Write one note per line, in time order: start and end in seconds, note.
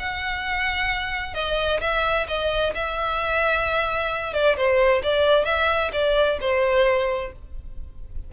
0.00 1.35 F#5
1.35 1.81 D#5
1.81 2.27 E5
2.28 2.74 D#5
2.75 4.34 E5
4.34 4.57 D5
4.57 5.03 C5
5.04 5.46 D5
5.46 5.91 E5
5.93 6.39 D5
6.41 7.33 C5